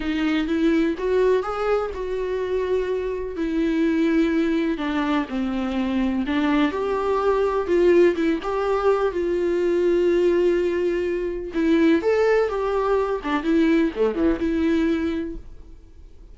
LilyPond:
\new Staff \with { instrumentName = "viola" } { \time 4/4 \tempo 4 = 125 dis'4 e'4 fis'4 gis'4 | fis'2. e'4~ | e'2 d'4 c'4~ | c'4 d'4 g'2 |
f'4 e'8 g'4. f'4~ | f'1 | e'4 a'4 g'4. d'8 | e'4 a8 e8 e'2 | }